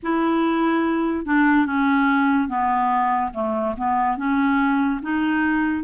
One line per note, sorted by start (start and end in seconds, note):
0.02 1.25 E4
1.25 1.66 D4
1.66 2.48 C#4
2.48 3.31 B3
3.33 3.75 A3
3.77 4.17 B3
4.17 5.00 C#4
5.02 5.83 D#4